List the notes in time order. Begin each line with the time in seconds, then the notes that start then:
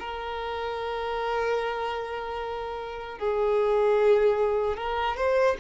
0.00 A#4
3.19 G#4
4.77 A#4
5.17 C5